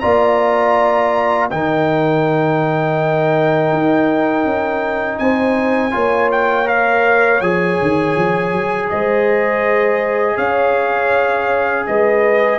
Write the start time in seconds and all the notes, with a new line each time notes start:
0.00 A#3 F4 D5 A#5
1.51 D#3 D#4 A#4 G5
3.73 D#4
4.45 C#4
5.19 C4 C5 G#5
5.91 A#3 F4 C#5
6.32 G5
6.65 A#4 F5
7.41 F3 G#4 G#5
7.82 D#3
8.16 F3
8.53 F#3
8.90 G#3 C5 D#5
10.36 C#4 C#5 F5
11.87 G#3 B4 D#5